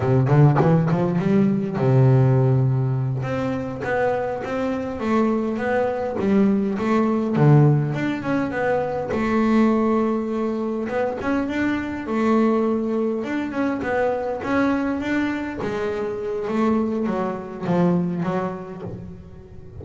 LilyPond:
\new Staff \with { instrumentName = "double bass" } { \time 4/4 \tempo 4 = 102 c8 d8 e8 f8 g4 c4~ | c4. c'4 b4 c'8~ | c'8 a4 b4 g4 a8~ | a8 d4 d'8 cis'8 b4 a8~ |
a2~ a8 b8 cis'8 d'8~ | d'8 a2 d'8 cis'8 b8~ | b8 cis'4 d'4 gis4. | a4 fis4 f4 fis4 | }